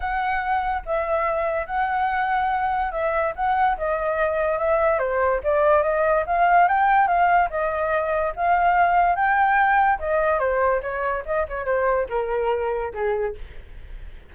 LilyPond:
\new Staff \with { instrumentName = "flute" } { \time 4/4 \tempo 4 = 144 fis''2 e''2 | fis''2. e''4 | fis''4 dis''2 e''4 | c''4 d''4 dis''4 f''4 |
g''4 f''4 dis''2 | f''2 g''2 | dis''4 c''4 cis''4 dis''8 cis''8 | c''4 ais'2 gis'4 | }